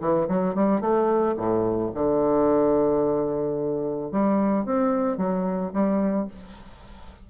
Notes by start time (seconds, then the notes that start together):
0.00 E3
0.28 F#3
0.55 G3
0.81 A3
1.37 A2
1.94 D3
4.11 G3
4.65 C4
5.17 F#3
5.73 G3